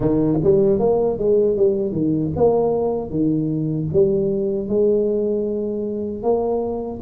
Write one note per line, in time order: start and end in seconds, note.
0.00 0.39 D#3
0.43 0.79 G3
0.79 1.18 A#3
1.18 1.56 G#3
1.56 1.92 G3
1.92 2.31 D#3
2.36 3.10 A#3
3.10 3.87 D#3
3.92 4.68 G3
4.68 6.23 G#3
6.23 7.01 A#3